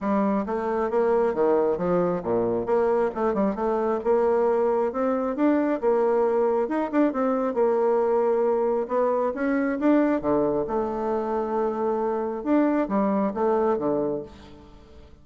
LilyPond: \new Staff \with { instrumentName = "bassoon" } { \time 4/4 \tempo 4 = 135 g4 a4 ais4 dis4 | f4 ais,4 ais4 a8 g8 | a4 ais2 c'4 | d'4 ais2 dis'8 d'8 |
c'4 ais2. | b4 cis'4 d'4 d4 | a1 | d'4 g4 a4 d4 | }